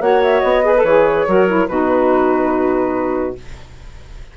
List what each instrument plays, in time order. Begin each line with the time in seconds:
0.00 bassoon A#3, saxophone F#4, clarinet C#5, flute F#5
0.22 flute E5
0.40 bassoon B3, flute D#5
0.64 saxophone G#4, clarinet B4
0.76 saxophone A4
0.83 bassoon E3, saxophone G#4, flute C#5
1.27 bassoon F#3, saxophone F#4, clarinet A#4
1.47 saxophone E4
1.67 bassoon B2, saxophone D#4, clarinet F#4, flute B4